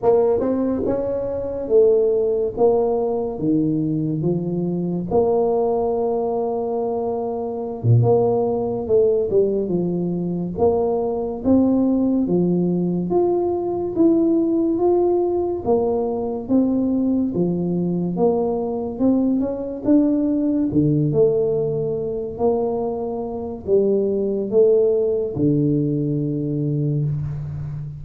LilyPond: \new Staff \with { instrumentName = "tuba" } { \time 4/4 \tempo 4 = 71 ais8 c'8 cis'4 a4 ais4 | dis4 f4 ais2~ | ais4~ ais16 ais,16 ais4 a8 g8 f8~ | f8 ais4 c'4 f4 f'8~ |
f'8 e'4 f'4 ais4 c'8~ | c'8 f4 ais4 c'8 cis'8 d'8~ | d'8 d8 a4. ais4. | g4 a4 d2 | }